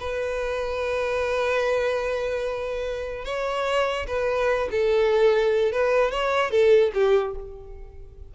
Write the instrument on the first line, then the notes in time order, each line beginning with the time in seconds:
violin
0.00 B4
3.25 C#5
4.07 B4
4.71 A4
5.72 B4
6.11 C#5
6.51 A4
6.94 G4